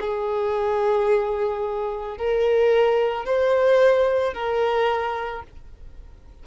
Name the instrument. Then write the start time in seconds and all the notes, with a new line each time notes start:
violin
0.00 G#4
2.17 A#4
3.25 C5
4.33 A#4